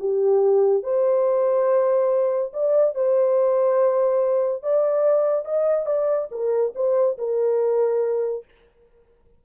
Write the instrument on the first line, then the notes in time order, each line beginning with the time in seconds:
horn
0.00 G4
0.84 C5
2.53 D5
2.95 C5
4.63 D5
5.45 D#5
5.86 D5
6.31 A#4
6.75 C5
7.18 A#4